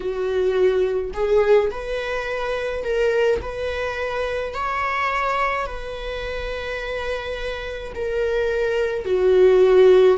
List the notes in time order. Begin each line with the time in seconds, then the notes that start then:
0.00 F#4
1.13 G#4
1.70 B4
2.84 A#4
3.41 B4
4.53 C#5
5.66 B4
7.95 A#4
9.05 F#4